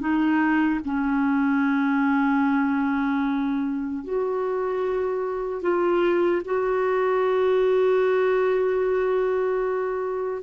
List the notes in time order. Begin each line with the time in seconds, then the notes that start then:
0.00 D#4
0.85 C#4
4.04 F#4
5.62 F4
6.45 F#4